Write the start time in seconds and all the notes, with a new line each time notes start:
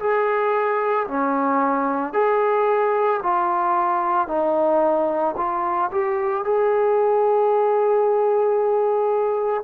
0.00 G#4
1.08 C#4
2.13 G#4
3.23 F4
4.28 D#4
5.37 F4
5.91 G4
6.44 G#4